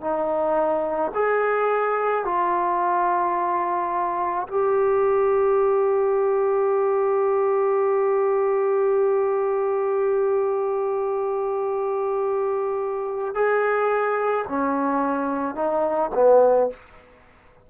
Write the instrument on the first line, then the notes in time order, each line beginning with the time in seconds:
trombone
0.00 D#4
1.14 G#4
2.24 F4
4.47 G4
13.34 G#4
14.48 C#4
15.55 D#4
16.14 B3